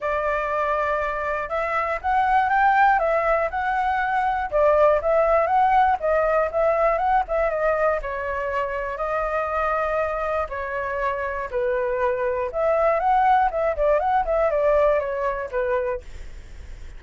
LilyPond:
\new Staff \with { instrumentName = "flute" } { \time 4/4 \tempo 4 = 120 d''2. e''4 | fis''4 g''4 e''4 fis''4~ | fis''4 d''4 e''4 fis''4 | dis''4 e''4 fis''8 e''8 dis''4 |
cis''2 dis''2~ | dis''4 cis''2 b'4~ | b'4 e''4 fis''4 e''8 d''8 | fis''8 e''8 d''4 cis''4 b'4 | }